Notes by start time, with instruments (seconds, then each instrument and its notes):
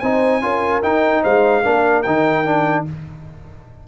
0.00 tuba C4, trombone D#4, horn C5, trumpet G#5
0.42 tuba C#4, trombone F4, horn A#4
0.83 tuba D#4, trombone D#4, trumpet G5
1.23 tuba G#3, horn C5, trumpet F5
1.63 tuba A#3, trombone D4, horn A#4
2.03 tuba D#3, trombone D#4, trumpet G5
2.46 trombone D4